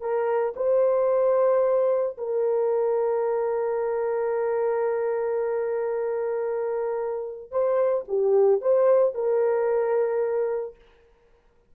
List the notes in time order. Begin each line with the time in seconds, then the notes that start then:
0.00 A#4
0.56 C5
2.17 A#4
7.51 C5
8.08 G4
8.61 C5
9.14 A#4